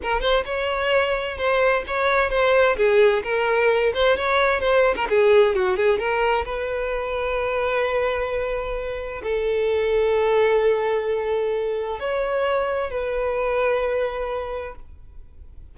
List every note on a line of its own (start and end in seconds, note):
0.02 0.21 A#4
0.21 0.44 C5
0.45 1.37 C#5
1.37 1.83 C5
1.87 2.30 C#5
2.30 2.76 C5
2.76 3.22 G#4
3.23 3.92 A#4
3.93 4.16 C5
4.16 4.60 C#5
4.60 4.94 C5
4.96 5.07 A#4
5.09 5.55 G#4
5.55 5.76 F#4
5.76 5.98 G#4
5.98 6.44 A#4
6.45 9.22 B4
9.23 11.99 A4
11.99 12.90 C#5
12.90 14.75 B4